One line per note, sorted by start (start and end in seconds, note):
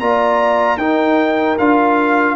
0.00 0.77 A#3
0.00 0.79 F4
0.00 0.78 D5
0.00 0.78 A#5
0.77 1.56 D#4
0.77 1.59 D#4
0.77 2.36 A#4
0.77 1.57 G5
1.59 2.36 D4
1.59 2.36 F4
1.59 2.36 F5